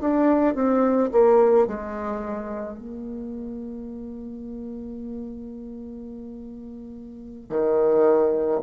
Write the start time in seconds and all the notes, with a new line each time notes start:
0.00 D4
0.55 C4
1.12 A#3
1.67 G#3
2.78 A#3
7.49 D#3